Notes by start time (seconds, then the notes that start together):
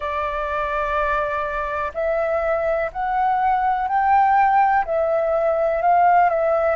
0.00 D5
1.94 E5
2.92 F#5
3.88 G5
4.85 E5
5.82 F5
6.29 E5